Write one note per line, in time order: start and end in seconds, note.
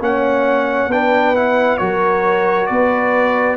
0.00 0.87 A#3
0.00 0.90 C#4
0.00 0.90 C#5
0.00 0.92 F#5
0.87 1.77 B3
0.87 1.35 D4
0.87 1.80 B4
0.87 1.36 G5
1.35 1.79 E4
1.35 1.77 F#5
1.77 2.70 F#3
1.77 3.57 F#4
1.77 2.69 A#4
1.77 2.66 C#5
2.66 3.57 B3
2.66 3.57 B4
2.66 3.56 D5